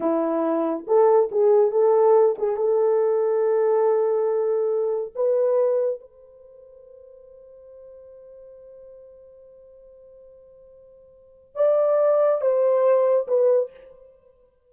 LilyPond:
\new Staff \with { instrumentName = "horn" } { \time 4/4 \tempo 4 = 140 e'2 a'4 gis'4 | a'4. gis'8 a'2~ | a'1 | b'2 c''2~ |
c''1~ | c''1~ | c''2. d''4~ | d''4 c''2 b'4 | }